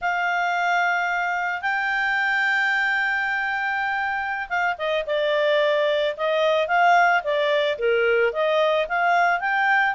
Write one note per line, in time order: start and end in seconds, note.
0.01 1.61 F5
1.61 4.48 G5
4.49 4.76 F5
4.78 5.05 D#5
5.06 6.15 D5
6.17 6.67 D#5
6.67 7.22 F5
7.23 7.78 D5
7.78 8.32 A#4
8.32 8.87 D#5
8.88 9.40 F5
9.40 9.94 G5